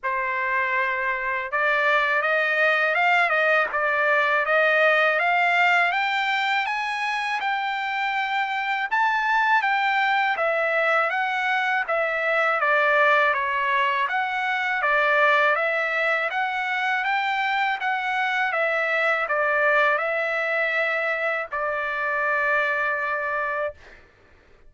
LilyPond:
\new Staff \with { instrumentName = "trumpet" } { \time 4/4 \tempo 4 = 81 c''2 d''4 dis''4 | f''8 dis''8 d''4 dis''4 f''4 | g''4 gis''4 g''2 | a''4 g''4 e''4 fis''4 |
e''4 d''4 cis''4 fis''4 | d''4 e''4 fis''4 g''4 | fis''4 e''4 d''4 e''4~ | e''4 d''2. | }